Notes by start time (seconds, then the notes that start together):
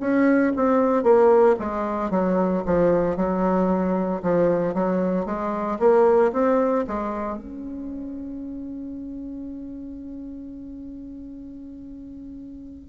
0.00 C#4
0.56 C4
1.03 A#3
1.59 G#3
2.11 F#3
2.66 F3
3.16 F#3
4.22 F3
4.74 F#3
5.25 G#3
5.79 A#3
6.32 C4
6.87 G#3
7.37 C#4